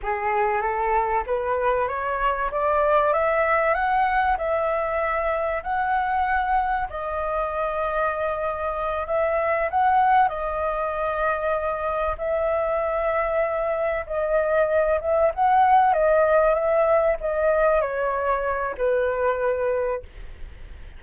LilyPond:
\new Staff \with { instrumentName = "flute" } { \time 4/4 \tempo 4 = 96 gis'4 a'4 b'4 cis''4 | d''4 e''4 fis''4 e''4~ | e''4 fis''2 dis''4~ | dis''2~ dis''8 e''4 fis''8~ |
fis''8 dis''2. e''8~ | e''2~ e''8 dis''4. | e''8 fis''4 dis''4 e''4 dis''8~ | dis''8 cis''4. b'2 | }